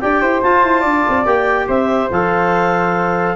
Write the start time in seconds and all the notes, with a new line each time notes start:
0.00 D4 G4 D5 G5
0.21 E4 C5
0.43 F4 A5
0.63 E4
0.80 D4 D5
1.09 C4
1.26 A#3 G4 G5
1.67 C4 C5 E5
2.10 F3 A4 F5